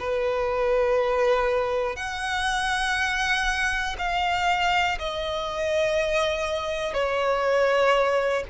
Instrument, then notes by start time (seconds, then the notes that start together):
violin
0.00 B4
1.96 F#5
3.99 F5
4.99 D#5
6.94 C#5